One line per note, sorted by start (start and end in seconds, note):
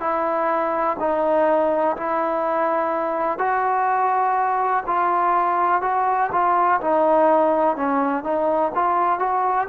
0.00 0.97 E4
0.99 1.96 D#4
1.97 3.38 E4
3.38 4.83 F#4
4.86 5.82 F4
5.82 6.30 F#4
6.32 6.80 F4
6.80 7.76 D#4
7.76 8.24 C#4
8.24 8.72 D#4
8.75 9.19 F4
9.19 9.68 F#4